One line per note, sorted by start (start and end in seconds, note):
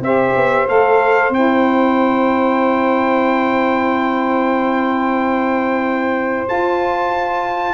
0.00 0.32 C4
0.00 0.67 G4
0.00 7.73 C5
0.00 0.68 E5
0.36 0.67 B3
0.67 1.29 A3
0.67 1.31 A4
0.67 1.33 F5
1.29 6.46 C4
1.29 6.46 E4
1.29 6.48 G5
6.46 7.73 F4
6.46 7.73 A5